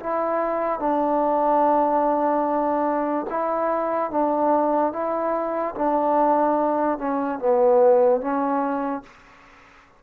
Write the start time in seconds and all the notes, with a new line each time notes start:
0.00 E4
0.80 D4
3.30 E4
4.11 D4
4.93 E4
5.75 D4
6.99 C#4
7.39 B3
8.21 C#4